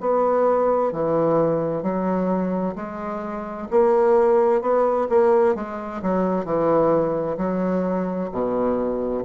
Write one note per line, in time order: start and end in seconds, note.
0.00 0.92 B3
0.92 1.83 E3
1.83 2.75 F#3
2.75 3.68 G#3
3.70 4.61 A#3
4.61 5.07 B3
5.09 5.55 A#3
5.55 6.01 G#3
6.02 6.44 F#3
6.44 7.37 E3
7.37 8.30 F#3
8.32 9.24 B2